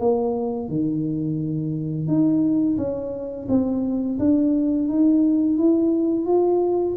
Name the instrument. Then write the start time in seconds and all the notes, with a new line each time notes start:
tuba
0.00 A#3
0.69 D#3
2.08 D#4
2.78 C#4
3.49 C4
4.19 D4
4.89 D#4
5.58 E4
6.26 F4